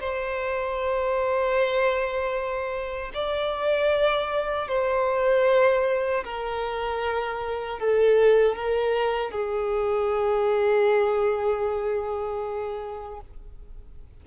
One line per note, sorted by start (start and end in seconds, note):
0.00 3.12 C5
3.14 4.68 D5
4.68 6.24 C5
6.24 7.79 A#4
7.79 8.56 A4
8.56 9.31 A#4
9.31 13.20 G#4